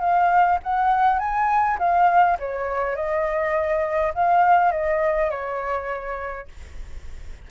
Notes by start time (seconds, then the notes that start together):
0.00 F5
0.63 F#5
1.19 G#5
1.79 F5
2.39 C#5
2.95 D#5
4.14 F5
4.71 D#5
5.30 C#5